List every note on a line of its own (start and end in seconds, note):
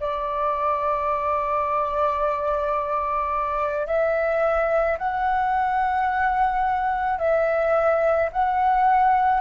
0.00 3.86 D5
3.86 4.97 E5
4.98 7.18 F#5
7.18 8.29 E5
8.32 9.40 F#5